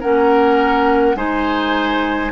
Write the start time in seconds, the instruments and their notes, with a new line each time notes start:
0.00 bassoon A#3, clarinet C#4, oboe A#4, flute F#5
1.15 bassoon G#3, clarinet D#4, oboe C5, flute G#5